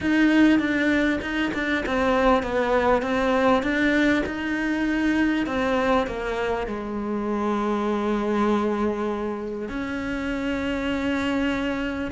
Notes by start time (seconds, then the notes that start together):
0.01 D#4
0.59 D4
1.21 D#4
1.53 D4
1.86 C4
2.42 B3
3.02 C4
3.62 D4
4.26 D#4
5.46 C4
6.06 A#3
6.66 G#3
9.68 C#4